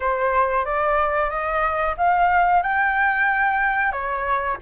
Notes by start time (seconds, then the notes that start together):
0.00 C5
0.65 D5
1.30 D#5
1.97 F5
2.62 G5
3.92 C#5